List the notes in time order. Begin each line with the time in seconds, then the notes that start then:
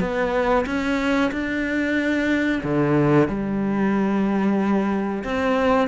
0.00 B3
0.66 C#4
1.31 D4
2.63 D3
3.28 G3
5.24 C4